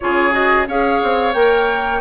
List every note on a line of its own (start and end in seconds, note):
0.00 0.67 C#3
0.00 0.31 F4
0.00 0.68 G#4
0.00 0.33 C#5
0.31 0.65 F#4
0.31 0.67 D#5
0.67 1.01 C#4
0.67 1.34 G#4
0.67 2.00 C#5
0.67 1.33 F5
1.03 1.34 C4
1.33 2.00 A#3
1.33 2.00 A#4
1.33 2.00 G5